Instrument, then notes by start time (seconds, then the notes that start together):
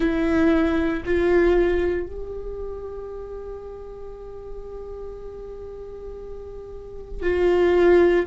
viola
0.00 E4
1.05 F4
2.06 G4
7.22 F4